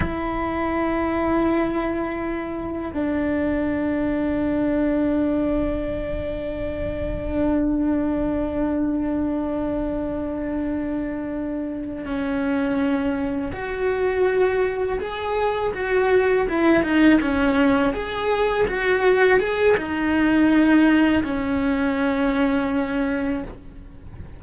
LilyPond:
\new Staff \with { instrumentName = "cello" } { \time 4/4 \tempo 4 = 82 e'1 | d'1~ | d'1~ | d'1~ |
d'8 cis'2 fis'4.~ | fis'8 gis'4 fis'4 e'8 dis'8 cis'8~ | cis'8 gis'4 fis'4 gis'8 dis'4~ | dis'4 cis'2. | }